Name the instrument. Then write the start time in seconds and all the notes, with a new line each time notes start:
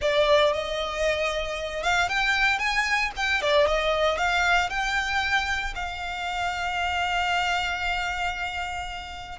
violin
0.01 D5
0.53 D#5
1.83 F5
2.08 G5
2.58 G#5
3.16 G5
3.41 D5
3.66 D#5
4.17 F5
4.69 G5
5.75 F5